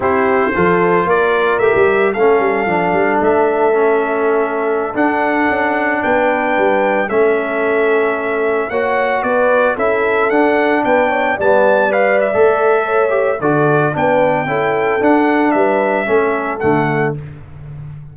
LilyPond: <<
  \new Staff \with { instrumentName = "trumpet" } { \time 4/4 \tempo 4 = 112 c''2 d''4 e''4 | f''2 e''2~ | e''4~ e''16 fis''2 g''8.~ | g''4~ g''16 e''2~ e''8.~ |
e''16 fis''4 d''4 e''4 fis''8.~ | fis''16 g''4 a''4 f''8 e''4~ e''16~ | e''4 d''4 g''2 | fis''4 e''2 fis''4 | }
  \new Staff \with { instrumentName = "horn" } { \time 4/4 g'4 a'4 ais'2 | a'1~ | a'2.~ a'16 b'8.~ | b'4~ b'16 a'2~ a'8.~ |
a'16 cis''4 b'4 a'4.~ a'16~ | a'16 b'8 cis''8 d''2~ d''8. | cis''4 a'4 b'4 a'4~ | a'4 b'4 a'2 | }
  \new Staff \with { instrumentName = "trombone" } { \time 4/4 e'4 f'2 g'4 | cis'4 d'2 cis'4~ | cis'4~ cis'16 d'2~ d'8.~ | d'4~ d'16 cis'2~ cis'8.~ |
cis'16 fis'2 e'4 d'8.~ | d'4~ d'16 b4 b'8. a'4~ | a'8 g'8 fis'4 d'4 e'4 | d'2 cis'4 a4 | }
  \new Staff \with { instrumentName = "tuba" } { \time 4/4 c'4 f4 ais4 a16 g8. | a8 g8 f8 g8 a2~ | a4~ a16 d'4 cis'4 b8.~ | b16 g4 a2~ a8.~ |
a16 ais4 b4 cis'4 d'8.~ | d'16 b4 g4.~ g16 a4~ | a4 d4 b4 cis'4 | d'4 g4 a4 d4 | }
>>